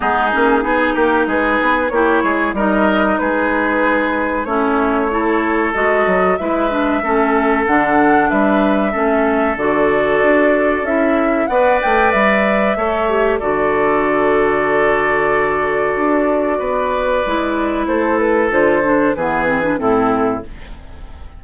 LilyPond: <<
  \new Staff \with { instrumentName = "flute" } { \time 4/4 \tempo 4 = 94 gis'4. ais'8 b'4 cis''4 | dis''4 b'2 cis''4~ | cis''4 dis''4 e''2 | fis''4 e''2 d''4~ |
d''4 e''4 fis''8 g''8 e''4~ | e''4 d''2.~ | d''1 | c''8 b'8 c''4 b'4 a'4 | }
  \new Staff \with { instrumentName = "oboe" } { \time 4/4 dis'4 gis'8 g'8 gis'4 g'8 gis'8 | ais'4 gis'2 e'4 | a'2 b'4 a'4~ | a'4 b'4 a'2~ |
a'2 d''2 | cis''4 a'2.~ | a'2 b'2 | a'2 gis'4 e'4 | }
  \new Staff \with { instrumentName = "clarinet" } { \time 4/4 b8 cis'8 dis'2 e'4 | dis'2. cis'4 | e'4 fis'4 e'8 d'8 cis'4 | d'2 cis'4 fis'4~ |
fis'4 e'4 b'2 | a'8 g'8 fis'2.~ | fis'2. e'4~ | e'4 f'8 d'8 b8 c'16 d'16 c'4 | }
  \new Staff \with { instrumentName = "bassoon" } { \time 4/4 gis8 ais8 b8 ais8 gis8 b8 ais8 gis8 | g4 gis2 a4~ | a4 gis8 fis8 gis4 a4 | d4 g4 a4 d4 |
d'4 cis'4 b8 a8 g4 | a4 d2.~ | d4 d'4 b4 gis4 | a4 d4 e4 a,4 | }
>>